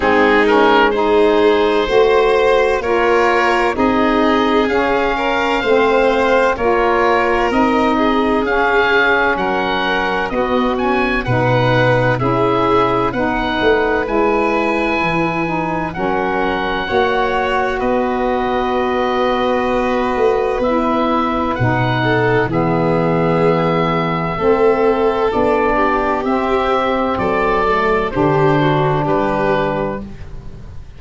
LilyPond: <<
  \new Staff \with { instrumentName = "oboe" } { \time 4/4 \tempo 4 = 64 gis'8 ais'8 c''2 cis''4 | dis''4 f''2 cis''4 | dis''4 f''4 fis''4 dis''8 gis''8 | fis''4 e''4 fis''4 gis''4~ |
gis''4 fis''2 dis''4~ | dis''2 e''4 fis''4 | e''2. d''4 | e''4 d''4 c''4 b'4 | }
  \new Staff \with { instrumentName = "violin" } { \time 4/4 dis'4 gis'4 c''4 ais'4 | gis'4. ais'8 c''4 ais'4~ | ais'8 gis'4. ais'4 fis'4 | b'4 gis'4 b'2~ |
b'4 ais'4 cis''4 b'4~ | b'2.~ b'8 a'8 | gis'2 a'4. g'8~ | g'4 a'4 g'8 fis'8 g'4 | }
  \new Staff \with { instrumentName = "saxophone" } { \time 4/4 c'8 cis'8 dis'4 fis'4 f'4 | dis'4 cis'4 c'4 f'4 | dis'4 cis'2 b8 cis'8 | dis'4 e'4 dis'4 e'4~ |
e'8 dis'8 cis'4 fis'2~ | fis'2 e'4 dis'4 | b2 c'4 d'4 | c'4. a8 d'2 | }
  \new Staff \with { instrumentName = "tuba" } { \time 4/4 gis2 a4 ais4 | c'4 cis'4 a4 ais4 | c'4 cis'4 fis4 b4 | b,4 cis'4 b8 a8 gis4 |
e4 fis4 ais4 b4~ | b4. a8 b4 b,4 | e2 a4 b4 | c'4 fis4 d4 g4 | }
>>